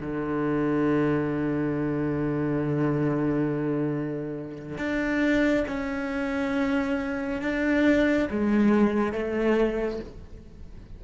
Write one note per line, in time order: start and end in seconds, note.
0.00 4.78 D3
4.78 5.65 D4
5.67 7.41 C#4
7.42 8.28 D4
8.30 9.12 G#3
9.12 9.99 A3